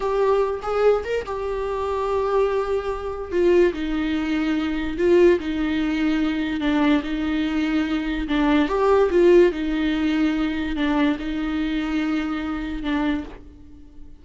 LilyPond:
\new Staff \with { instrumentName = "viola" } { \time 4/4 \tempo 4 = 145 g'4. gis'4 ais'8 g'4~ | g'1 | f'4 dis'2. | f'4 dis'2. |
d'4 dis'2. | d'4 g'4 f'4 dis'4~ | dis'2 d'4 dis'4~ | dis'2. d'4 | }